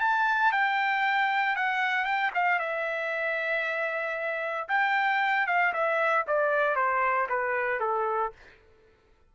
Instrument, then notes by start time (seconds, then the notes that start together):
trumpet
0.00 A5
0.52 G5
1.56 F#5
2.05 G5
2.34 F5
2.59 E5
4.68 G5
5.47 F5
5.73 E5
6.27 D5
6.75 C5
7.29 B4
7.80 A4